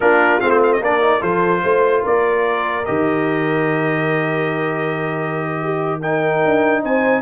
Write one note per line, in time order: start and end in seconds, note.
0.00 0.41 A#3
0.00 0.40 D4
0.00 0.79 F4
0.00 0.40 A#4
0.40 0.80 A3
0.40 0.81 C4
0.40 0.49 F5
0.49 0.60 C5
0.63 0.72 F5
0.72 0.82 D#5
0.79 1.21 A#3
0.79 1.01 D4
0.79 1.20 A#4
0.79 1.22 D5
1.01 1.20 D#4
1.20 1.62 F3
1.20 2.84 F4
1.20 1.62 A4
1.20 2.04 C5
1.63 2.04 A3
1.63 2.02 C5
2.02 2.87 A#3
2.02 5.60 A#4
2.02 2.85 D5
2.85 6.45 D#3
2.85 6.02 G4
2.85 6.01 D#5
5.62 6.00 G4
6.00 7.21 D#4
6.00 6.82 A#4
6.00 6.83 G5
6.45 6.84 D4
6.82 7.21 C4
6.82 7.21 C5
6.82 7.21 G#5